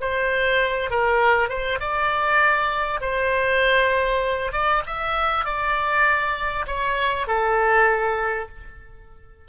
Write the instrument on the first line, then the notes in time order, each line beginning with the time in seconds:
oboe
0.00 C5
0.90 A#4
1.49 C5
1.79 D5
3.00 C5
4.52 D5
4.86 E5
5.44 D5
6.67 C#5
7.27 A4